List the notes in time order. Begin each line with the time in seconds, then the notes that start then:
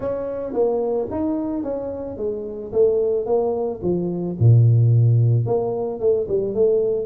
0.00 C#4
0.53 A#3
1.11 D#4
1.63 C#4
2.17 G#3
2.72 A3
3.26 A#3
3.82 F3
4.39 A#2
5.46 A#3
6.00 A3
6.28 G3
6.54 A3